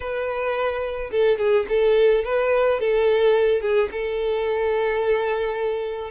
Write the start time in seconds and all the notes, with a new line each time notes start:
0.00 B4
1.11 A4
1.38 G#4
1.68 A4
2.24 B4
2.80 A4
3.61 G#4
3.91 A4